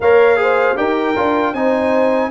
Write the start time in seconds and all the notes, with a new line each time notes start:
0.00 A#3 A#4 C#5 F5
0.36 G#4 C5
0.75 D#4 G4 A#4 G5
1.16 D4 F4
1.53 C4 D#4 C5 G#5